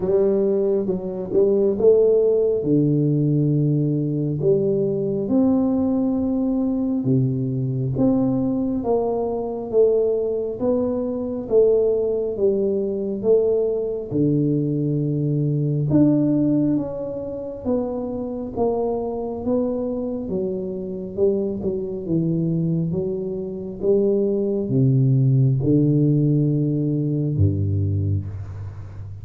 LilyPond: \new Staff \with { instrumentName = "tuba" } { \time 4/4 \tempo 4 = 68 g4 fis8 g8 a4 d4~ | d4 g4 c'2 | c4 c'4 ais4 a4 | b4 a4 g4 a4 |
d2 d'4 cis'4 | b4 ais4 b4 fis4 | g8 fis8 e4 fis4 g4 | c4 d2 g,4 | }